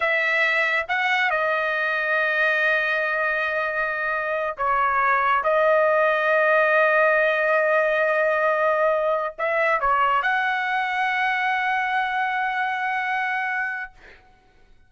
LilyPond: \new Staff \with { instrumentName = "trumpet" } { \time 4/4 \tempo 4 = 138 e''2 fis''4 dis''4~ | dis''1~ | dis''2~ dis''8 cis''4.~ | cis''8 dis''2.~ dis''8~ |
dis''1~ | dis''4. e''4 cis''4 fis''8~ | fis''1~ | fis''1 | }